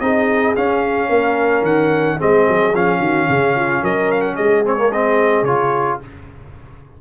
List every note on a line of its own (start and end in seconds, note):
0.00 0.55 C4
0.00 0.55 D#4
0.00 1.09 G#4
0.00 0.55 D#5
0.56 2.18 C#4
0.56 1.09 C#4
0.56 1.65 F5
1.09 1.62 A#3
1.09 2.17 A#4
1.62 2.16 D#3
1.62 2.19 F#5
2.17 2.47 G#3
2.17 2.73 C4
2.17 2.99 G#4
2.17 2.75 D#5
2.47 2.74 F#3
2.74 2.99 F3
2.74 4.64 C#4
2.74 3.84 F5
2.99 3.27 D#3
2.99 3.27 F#4
3.29 3.82 C#3
3.29 3.56 G#4
3.56 3.83 F4
3.82 4.37 F#3
3.82 4.35 A#4
3.82 4.11 D#5
4.11 4.21 F5
4.21 4.35 F#5
4.35 5.42 G#3
4.35 5.99 G#4
4.35 4.63 D#5
4.64 4.77 C4
4.64 4.92 C#5
4.77 4.91 A#3
4.92 5.46 C4
4.92 5.44 D#5
5.42 5.97 C#3
5.42 6.01 F4
5.42 5.99 C#5